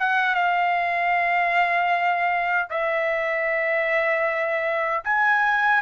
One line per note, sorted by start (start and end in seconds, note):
0.00 0.35 F#5
0.35 2.69 F5
2.70 5.04 E5
5.04 5.82 G#5